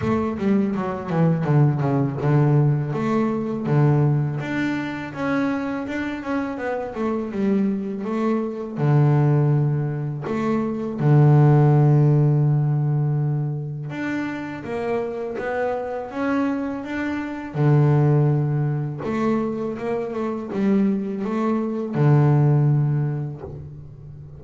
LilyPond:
\new Staff \with { instrumentName = "double bass" } { \time 4/4 \tempo 4 = 82 a8 g8 fis8 e8 d8 cis8 d4 | a4 d4 d'4 cis'4 | d'8 cis'8 b8 a8 g4 a4 | d2 a4 d4~ |
d2. d'4 | ais4 b4 cis'4 d'4 | d2 a4 ais8 a8 | g4 a4 d2 | }